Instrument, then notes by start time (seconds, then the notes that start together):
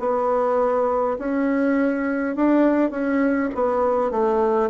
bassoon
0.00 B3
1.19 C#4
2.36 D4
2.91 C#4
3.55 B3
4.11 A3